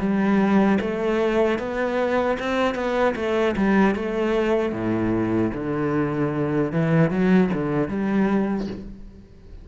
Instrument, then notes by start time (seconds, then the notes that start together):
cello
0.00 G3
0.81 A3
1.59 B3
2.39 C4
2.75 B3
3.16 A3
3.57 G3
3.95 A3
4.73 A2
5.54 D3
6.72 E3
7.11 F#3
7.54 D3
7.89 G3